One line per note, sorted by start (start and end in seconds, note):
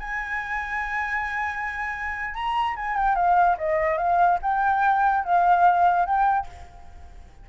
0.00 2.35 G#5
2.35 2.76 A#5
2.76 2.97 G#5
2.97 3.16 G5
3.16 3.57 F5
3.58 3.98 D#5
3.98 4.39 F5
4.42 5.25 G5
5.25 6.06 F5
6.06 6.47 G5